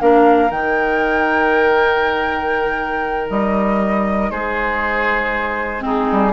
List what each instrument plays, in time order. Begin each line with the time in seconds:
0.00 bassoon A#3, clarinet D4, oboe A#4, flute F5
0.50 bassoon D#3, clarinet D#4, flute G5
3.30 bassoon G3, flute D#5
4.31 bassoon G#3, oboe G#4, flute C5
5.80 clarinet C4, oboe D#4
5.86 flute G#4
6.12 bassoon G3